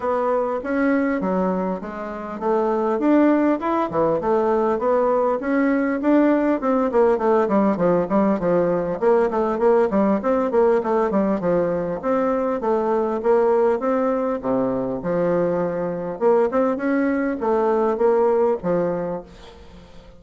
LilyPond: \new Staff \with { instrumentName = "bassoon" } { \time 4/4 \tempo 4 = 100 b4 cis'4 fis4 gis4 | a4 d'4 e'8 e8 a4 | b4 cis'4 d'4 c'8 ais8 | a8 g8 f8 g8 f4 ais8 a8 |
ais8 g8 c'8 ais8 a8 g8 f4 | c'4 a4 ais4 c'4 | c4 f2 ais8 c'8 | cis'4 a4 ais4 f4 | }